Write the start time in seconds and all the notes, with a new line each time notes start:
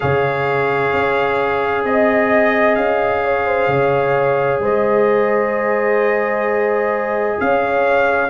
0.00 C#3 G#4 C#5 F5
0.92 C#4
1.84 C4 D#5
2.75 C#4 F5
3.24 C#5
3.46 C5
3.67 C#3 C#5
4.59 G#3 C5 D#5
7.39 C#4 C#5 F5